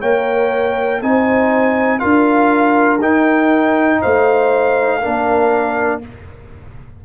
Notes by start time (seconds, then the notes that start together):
0.00 A#3 A#4 C#5 G5
1.02 C4 D#4 C5 G#5
2.00 D4 F4 A#4 F5
3.01 D#4 G5
4.01 A3 C5 F5
5.00 A#3 D4 A#4